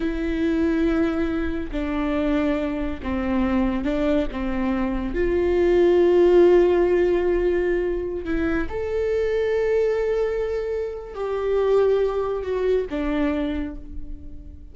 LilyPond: \new Staff \with { instrumentName = "viola" } { \time 4/4 \tempo 4 = 140 e'1 | d'2. c'4~ | c'4 d'4 c'2 | f'1~ |
f'2.~ f'16 e'8.~ | e'16 a'2.~ a'8.~ | a'2 g'2~ | g'4 fis'4 d'2 | }